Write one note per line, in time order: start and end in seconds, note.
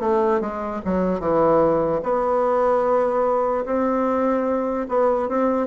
0.00 0.41 A3
0.41 0.81 G#3
0.85 1.20 F#3
1.20 2.01 E3
2.03 3.65 B3
3.66 4.87 C4
4.89 5.29 B3
5.29 5.67 C4